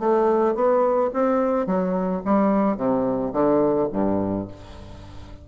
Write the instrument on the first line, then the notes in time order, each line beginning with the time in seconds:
bassoon
0.00 A3
0.56 B3
1.14 C4
1.67 F#3
2.26 G3
2.78 C3
3.34 D3
3.93 G2